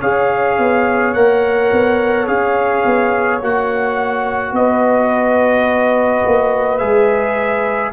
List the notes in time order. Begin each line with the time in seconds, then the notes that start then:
0.00 C#4 G#4 C#5 F5
0.58 B3
1.14 A#3 A#4 F#5
1.73 B3
2.27 C#4 G#4 F5
2.86 B3
3.42 A#3 F#4 F#5
4.52 B3 B4 D#5
6.25 A#3
6.79 G#3 G#4 E5